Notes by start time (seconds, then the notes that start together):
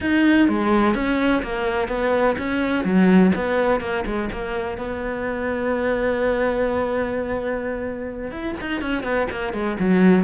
0.00 D#4
0.48 G#3
0.94 C#4
1.43 A#3
1.88 B3
2.38 C#4
2.84 F#3
3.35 B3
3.80 A#3
4.05 G#3
4.32 A#3
4.77 B3
8.31 E4
8.60 D#4
8.81 C#4
9.03 B3
9.30 A#3
9.53 G#3
9.79 F#3